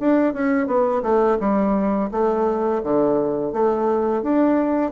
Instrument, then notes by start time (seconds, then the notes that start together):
bassoon
0.00 D4
0.34 C#4
0.67 B3
1.03 A3
1.40 G3
2.12 A3
2.84 D3
3.53 A3
4.23 D4